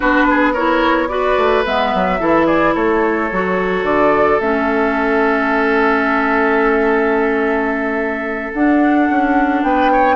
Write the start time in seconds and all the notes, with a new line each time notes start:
0.00 B3 D4 F#4 B4
0.30 G#4
0.53 E4 A#4 C#5
1.08 F#4 B4 D5
1.37 A3
1.65 G#3 B3 E5
1.94 F#3
2.19 E3 E4 A4
2.46 G#4 D5
2.74 A3 A4 C#5
3.31 F#3 F#4
3.83 D3 D5
4.39 A3 C#4 E5
8.53 D4 F#5
9.09 C#4
9.62 B3 B4 G5
9.92 C#5